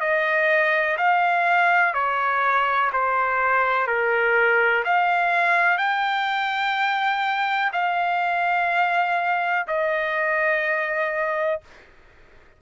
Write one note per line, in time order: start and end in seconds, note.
0.00 0.97 D#5
0.97 1.94 F5
1.94 2.90 C#5
2.92 3.87 C5
3.87 4.83 A#4
4.84 5.77 F5
5.77 7.71 G5
7.72 9.66 F5
9.67 11.60 D#5